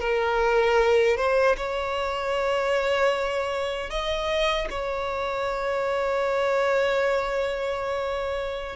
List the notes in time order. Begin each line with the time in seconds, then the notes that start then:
0.00 A#4
1.17 C5
1.57 C#5
3.90 D#5
4.70 C#5